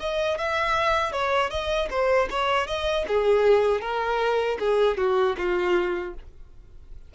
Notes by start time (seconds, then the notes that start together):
0.00 D#5
0.38 E5
1.13 C#5
1.50 D#5
1.90 C5
2.31 C#5
2.67 D#5
3.08 G#4
3.81 A#4
4.60 G#4
4.98 F#4
5.38 F4